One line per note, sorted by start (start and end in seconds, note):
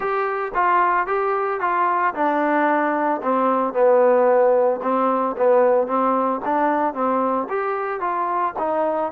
0.00 0.52 G4
0.54 1.06 F4
1.06 1.60 G4
1.60 2.14 F4
2.14 3.21 D4
3.22 3.73 C4
3.73 4.80 B3
4.82 5.35 C4
5.37 5.87 B3
5.87 6.40 C4
6.45 6.94 D4
6.94 7.47 C4
7.49 8.00 G4
8.00 8.53 F4
8.58 9.12 D#4